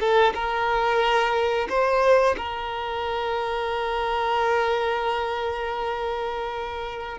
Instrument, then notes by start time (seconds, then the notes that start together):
violin
0.00 A4
0.34 A#4
1.69 C5
2.37 A#4